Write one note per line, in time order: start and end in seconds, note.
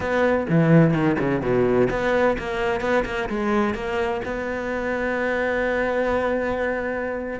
0.00 0.47 B3
0.49 0.93 E3
0.93 1.17 D#3
1.19 1.41 C#3
1.41 1.88 B2
1.90 2.37 B3
2.38 2.80 A#3
2.80 3.04 B3
3.05 3.28 A#3
3.29 3.74 G#3
3.74 4.21 A#3
4.24 7.40 B3